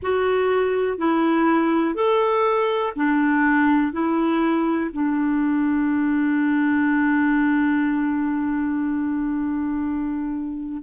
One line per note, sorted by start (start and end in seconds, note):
0.02 0.97 F#4
0.97 1.94 E4
1.94 2.93 A4
2.96 3.92 D4
3.92 4.90 E4
4.92 10.82 D4